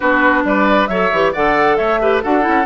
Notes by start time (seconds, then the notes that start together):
0.00 B3 D4 F#4 B4
0.44 G3 B4 D5
0.87 F#3 A4 C#5 E5
1.11 E3 G4
1.32 D3 A4 D5 F#5
1.76 A3 C#5 E5
2.00 G4 B4
2.23 D4 F#4 A4 F#5
2.41 E4
2.47 C#4